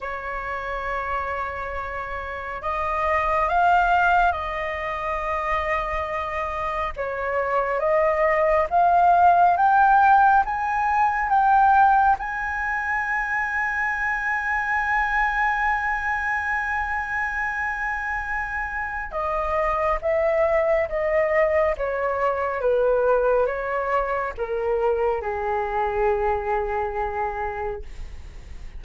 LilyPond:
\new Staff \with { instrumentName = "flute" } { \time 4/4 \tempo 4 = 69 cis''2. dis''4 | f''4 dis''2. | cis''4 dis''4 f''4 g''4 | gis''4 g''4 gis''2~ |
gis''1~ | gis''2 dis''4 e''4 | dis''4 cis''4 b'4 cis''4 | ais'4 gis'2. | }